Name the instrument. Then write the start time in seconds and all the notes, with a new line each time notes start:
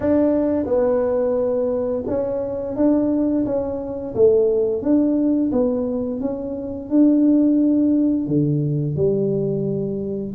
tuba
0.00 D4
0.65 B3
2.07 C#4
2.76 D4
3.45 C#4
4.14 A3
4.82 D4
5.52 B3
6.20 C#4
6.89 D4
8.26 D3
8.96 G3